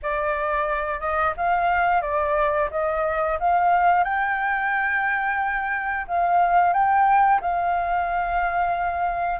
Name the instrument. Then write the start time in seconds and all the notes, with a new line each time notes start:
flute
0.02 D5
0.99 D#5
1.36 F5
2.01 D5
2.71 D#5
3.39 F5
4.04 G5
6.07 F5
6.73 G5
7.41 F5